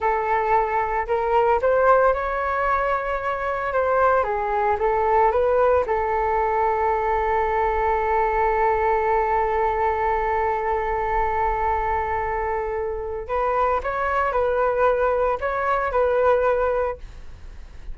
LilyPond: \new Staff \with { instrumentName = "flute" } { \time 4/4 \tempo 4 = 113 a'2 ais'4 c''4 | cis''2. c''4 | gis'4 a'4 b'4 a'4~ | a'1~ |
a'1~ | a'1~ | a'4 b'4 cis''4 b'4~ | b'4 cis''4 b'2 | }